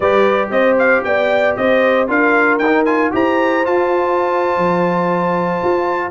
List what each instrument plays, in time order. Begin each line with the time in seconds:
0.00 tuba G3, trombone G4, horn B4, trumpet D5
0.50 tuba C4, horn C5, trumpet D#5
0.78 trumpet F5
1.04 tuba B3, horn D5, trumpet G5
1.56 tuba C4, horn C5, trumpet D#5
2.07 tuba D4, trombone F4, horn A#4, trumpet F5
2.58 tuba D#4, trumpet G5
2.65 trombone D#4
2.85 trombone F4, trumpet G#5
3.11 tuba E4, trombone G4, horn C5, trumpet A#5
3.64 trombone F4, tuba F4, trumpet A5
4.57 tuba F3
5.63 tuba F4